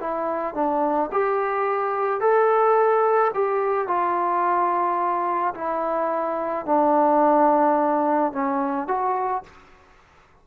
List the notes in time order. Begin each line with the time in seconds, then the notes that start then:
0.00 E4
0.54 D4
1.12 G4
2.20 A4
3.34 G4
3.87 F4
5.54 E4
6.65 D4
8.32 C#4
8.87 F#4